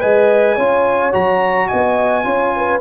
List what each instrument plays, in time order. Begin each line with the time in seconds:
0.00 tuba G#3, trombone B4, horn D#5, trumpet G#5
0.55 tuba C#4, trombone F4, horn C#5
1.12 tuba F#3, trombone F#4, trumpet A#5
1.68 tuba B3, horn D#5, trumpet G#5
2.24 tuba C#4, trombone F4, horn C#5
2.56 horn B4